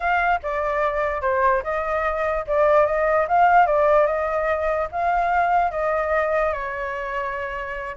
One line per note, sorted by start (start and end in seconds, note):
0.00 0.40 F5
0.42 1.21 D5
1.21 1.62 C5
1.63 2.44 D#5
2.47 2.86 D5
2.86 3.27 D#5
3.27 3.66 F5
3.66 4.06 D5
4.06 4.88 D#5
4.91 5.71 F5
5.71 6.52 D#5
6.53 7.95 C#5